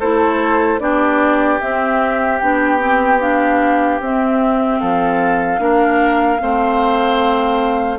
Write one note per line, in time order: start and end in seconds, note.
0.00 0.80 A3
0.00 0.80 E4
0.00 0.80 A4
0.00 0.80 C5
0.80 1.60 B3
0.80 1.60 D4
0.80 4.81 G4
0.80 1.60 D5
1.61 2.41 C4
1.61 2.42 C4
1.61 2.40 E5
2.40 4.00 B3
2.40 2.79 D4
2.40 3.20 G5
2.79 3.19 C4
3.21 4.01 D4
3.21 4.01 F5
4.00 4.80 C4
4.00 5.59 C4
4.00 4.80 E5
4.80 5.59 F3
4.80 5.61 A4
4.80 7.99 F5
5.59 6.39 A#3
5.59 6.39 D4
5.59 6.42 A#4
6.40 7.99 A3
6.40 7.99 C4
6.40 7.99 C5